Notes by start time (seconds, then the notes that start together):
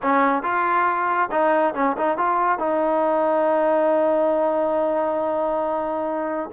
0.02 C#4
0.42 F4
1.31 D#4
1.74 C#4
1.97 D#4
2.17 F4
2.58 D#4